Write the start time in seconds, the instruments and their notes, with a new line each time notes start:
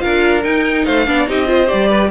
0.00 cello D4, viola F4, violin A#4 F5
0.44 viola D#4, cello D#4, violin G5
0.85 cello A3, violin C5 F5
1.06 cello B3, viola D4, violin D5
1.27 cello C4, viola D#4, violin G4 D#5
1.47 viola F4, violin C5
1.67 viola G4, violin D5
1.74 cello G3
1.89 violin B4